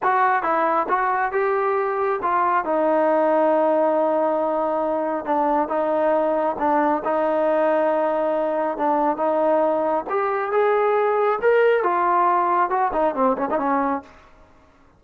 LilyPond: \new Staff \with { instrumentName = "trombone" } { \time 4/4 \tempo 4 = 137 fis'4 e'4 fis'4 g'4~ | g'4 f'4 dis'2~ | dis'1 | d'4 dis'2 d'4 |
dis'1 | d'4 dis'2 g'4 | gis'2 ais'4 f'4~ | f'4 fis'8 dis'8 c'8 cis'16 dis'16 cis'4 | }